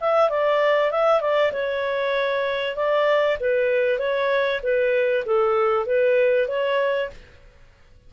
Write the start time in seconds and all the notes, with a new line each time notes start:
0.00 E5
0.29 D5
0.91 E5
1.21 D5
1.52 C#5
2.76 D5
3.39 B4
3.98 C#5
4.62 B4
5.25 A4
5.86 B4
6.48 C#5